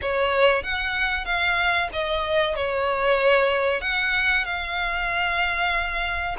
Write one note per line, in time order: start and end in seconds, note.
0.01 0.63 C#5
0.63 1.25 F#5
1.25 1.89 F5
1.93 2.55 D#5
2.55 3.81 C#5
3.81 4.44 F#5
4.44 6.36 F5